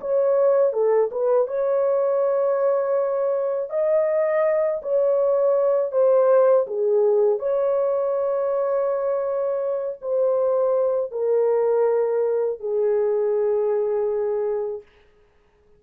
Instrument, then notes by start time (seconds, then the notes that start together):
horn
0.00 C#5
0.72 A4
1.11 B4
1.47 C#5
3.69 D#5
4.82 C#5
5.92 C5
6.67 G#4
7.39 C#5
10.01 C5
11.11 A#4
12.60 G#4